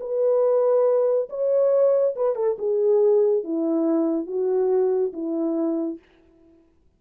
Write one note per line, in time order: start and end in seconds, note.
0.00 1.29 B4
1.29 2.15 C#5
2.15 2.35 B4
2.35 2.57 A4
2.58 3.43 G#4
3.43 4.26 E4
4.26 5.12 F#4
5.13 5.98 E4